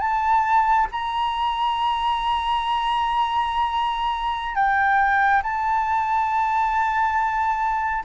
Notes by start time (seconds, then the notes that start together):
0.00 A5
0.91 A#5
4.55 G5
5.43 A5